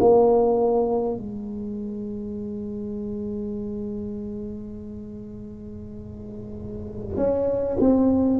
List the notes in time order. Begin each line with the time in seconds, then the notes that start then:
0.00 A#3
1.17 G#3
7.16 C#4
7.80 C4